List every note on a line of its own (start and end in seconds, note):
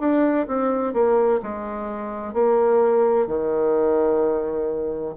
0.00 0.47 D4
0.47 0.93 C4
0.93 1.40 A#3
1.43 2.34 G#3
2.34 3.27 A#3
3.27 5.15 D#3